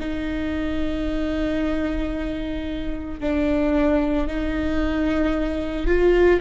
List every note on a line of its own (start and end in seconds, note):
0.00 3.20 D#4
3.20 4.28 D4
4.28 5.87 D#4
5.87 6.40 F4